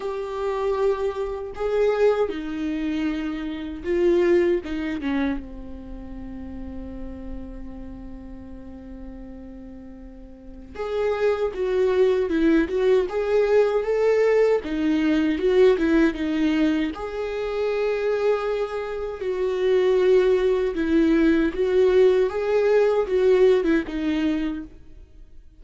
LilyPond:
\new Staff \with { instrumentName = "viola" } { \time 4/4 \tempo 4 = 78 g'2 gis'4 dis'4~ | dis'4 f'4 dis'8 cis'8 c'4~ | c'1~ | c'2 gis'4 fis'4 |
e'8 fis'8 gis'4 a'4 dis'4 | fis'8 e'8 dis'4 gis'2~ | gis'4 fis'2 e'4 | fis'4 gis'4 fis'8. e'16 dis'4 | }